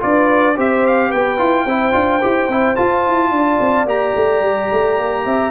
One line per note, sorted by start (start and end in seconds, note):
0.00 0.58 D4
0.00 0.55 F4
0.00 0.56 B4
0.00 0.57 D5
0.56 1.13 C4
0.56 1.38 G4
0.56 1.09 C5
0.56 0.87 E5
0.87 1.12 F5
1.09 1.40 B3
1.09 1.64 B4
1.09 2.76 G5
1.38 1.66 E4
1.38 1.65 F4
1.66 1.93 C4
1.66 1.92 E4
1.66 3.31 C5
1.92 2.22 D4
1.92 2.20 F4
2.22 2.49 E4
2.22 2.49 G4
2.49 2.76 C4
2.49 2.76 E4
2.76 3.86 F4
2.76 3.07 F4
2.76 3.86 A5
3.07 3.31 E4
3.31 3.59 D4
3.31 5.25 D5
3.60 3.86 C4
3.86 4.14 A#3
3.86 5.51 G4
3.86 5.51 A#5
4.15 4.41 A3
4.41 4.68 G3
4.72 4.99 A3
4.99 5.25 A#3
5.25 5.51 C4
5.25 5.51 E5